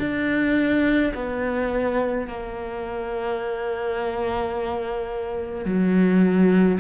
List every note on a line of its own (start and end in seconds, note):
0.00 1.13 D4
1.15 2.28 B3
2.28 5.66 A#3
5.66 6.79 F#3